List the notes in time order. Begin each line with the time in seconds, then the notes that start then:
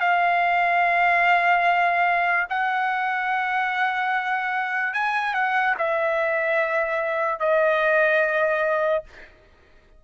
0.00 F5
2.50 F#5
4.94 G#5
5.34 F#5
5.78 E5
7.40 D#5